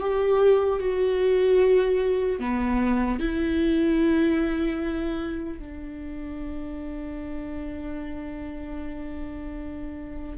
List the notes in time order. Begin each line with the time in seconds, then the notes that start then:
0.00 G4
0.79 F#4
2.39 B3
3.19 E4
5.59 D4